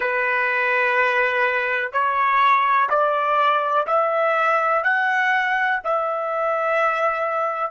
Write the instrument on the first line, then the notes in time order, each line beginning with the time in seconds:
trumpet
0.00 B4
1.92 C#5
2.89 D5
3.86 E5
4.83 F#5
5.83 E5